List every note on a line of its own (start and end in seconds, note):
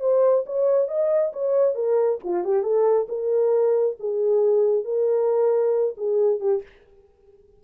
0.00 0.44 C5
0.46 0.88 C#5
0.88 1.32 D#5
1.33 1.75 C#5
1.75 2.19 A#4
2.24 2.44 F4
2.44 2.62 G4
2.62 3.07 A4
3.08 3.96 A#4
3.99 4.84 G#4
4.84 5.95 A#4
5.97 6.40 G#4
6.40 6.62 G4